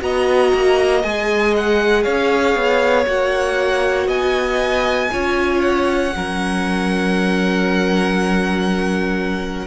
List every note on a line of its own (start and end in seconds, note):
0.00 0.52 B3
0.00 1.02 F#4
0.00 2.05 D#5
0.00 1.03 A#5
0.54 1.04 A#3
1.03 2.06 G#3
1.03 3.06 G#4
1.03 1.54 G#5
1.57 2.03 F#5
2.03 2.56 C#4
2.03 4.08 C#5
2.03 3.05 F5
2.56 3.06 B3
3.07 4.08 A#3
3.07 5.10 F#4
3.07 4.09 F#5
4.08 5.09 B3
4.08 5.10 D#5
4.08 5.61 G#5
5.12 6.15 C#4
5.12 6.13 F4
5.12 6.14 C#5
5.62 9.67 F#5
6.13 9.67 F#3
6.13 9.67 C#4
6.13 9.67 A#4